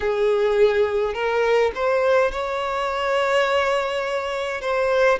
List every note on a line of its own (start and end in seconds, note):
0.00 1.14 G#4
1.14 1.72 A#4
1.75 2.31 C5
2.31 4.61 C#5
4.61 5.19 C5